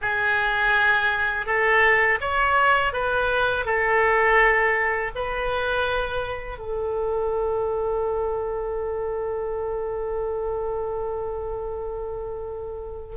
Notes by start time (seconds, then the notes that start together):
0.01 G#4
1.45 A4
2.20 C#5
2.92 B4
3.65 A4
5.15 B4
6.58 A4